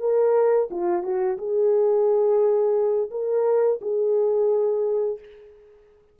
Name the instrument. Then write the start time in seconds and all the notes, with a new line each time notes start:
horn
0.00 A#4
0.71 F4
1.03 F#4
1.38 G#4
3.11 A#4
3.82 G#4